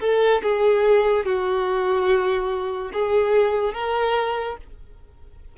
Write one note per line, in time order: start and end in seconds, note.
0.00 0.42 A4
0.43 1.25 G#4
1.25 2.92 F#4
2.93 3.74 G#4
3.74 4.57 A#4